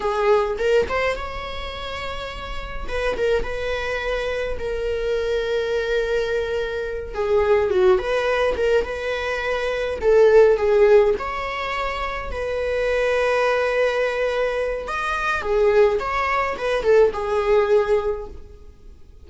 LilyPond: \new Staff \with { instrumentName = "viola" } { \time 4/4 \tempo 4 = 105 gis'4 ais'8 c''8 cis''2~ | cis''4 b'8 ais'8 b'2 | ais'1~ | ais'8 gis'4 fis'8 b'4 ais'8 b'8~ |
b'4. a'4 gis'4 cis''8~ | cis''4. b'2~ b'8~ | b'2 dis''4 gis'4 | cis''4 b'8 a'8 gis'2 | }